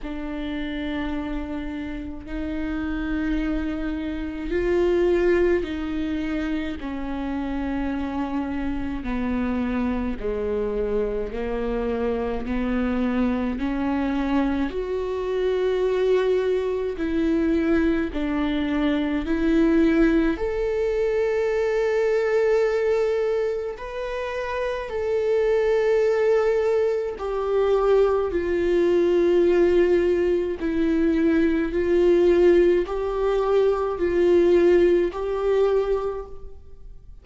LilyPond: \new Staff \with { instrumentName = "viola" } { \time 4/4 \tempo 4 = 53 d'2 dis'2 | f'4 dis'4 cis'2 | b4 gis4 ais4 b4 | cis'4 fis'2 e'4 |
d'4 e'4 a'2~ | a'4 b'4 a'2 | g'4 f'2 e'4 | f'4 g'4 f'4 g'4 | }